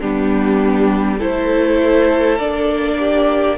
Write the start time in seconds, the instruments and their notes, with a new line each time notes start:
0.00 cello G3, viola B3, violin D4 G4
1.18 cello A3, viola E4, violin A4 C5
2.38 cello A#3, viola D4, violin D5
2.98 violin G4